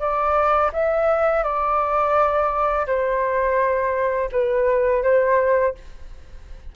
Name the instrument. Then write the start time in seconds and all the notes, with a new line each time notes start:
flute
0.00 D5
0.73 E5
1.44 D5
2.87 C5
4.32 B4
5.04 C5